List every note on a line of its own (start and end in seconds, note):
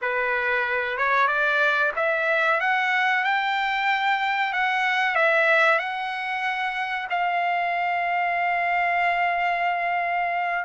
0.01 0.97 B4
0.97 1.27 C#5
1.27 1.92 D5
1.96 2.60 E5
2.60 3.24 F#5
3.24 4.52 G5
4.52 5.15 F#5
5.15 5.78 E5
5.78 7.07 F#5
7.10 10.65 F5